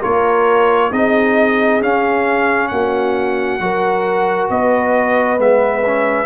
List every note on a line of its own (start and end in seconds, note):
0.00 0.91 A#3
0.00 0.91 F4
0.00 0.90 A#4
0.00 0.92 C#5
0.90 1.81 C4
0.90 1.81 D#4
0.90 2.70 G#4
0.90 1.82 D#5
1.81 2.71 C#4
1.81 3.60 C#4
1.81 2.68 F5
2.68 3.60 A#3
2.68 3.62 F#4
2.68 4.47 F#5
3.60 4.49 F#3
3.60 5.38 F#4
3.60 4.51 A#4
4.49 5.38 B3
4.49 6.26 B4
4.49 5.40 D#5
5.38 6.26 G#3
5.38 5.83 B3
5.38 6.26 E5
5.85 6.26 C#4